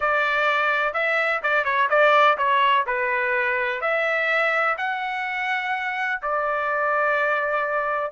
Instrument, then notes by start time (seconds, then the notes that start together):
trumpet
0.00 D5
0.93 E5
1.42 D5
1.64 C#5
1.89 D5
2.37 C#5
2.86 B4
3.81 E5
4.77 F#5
6.21 D5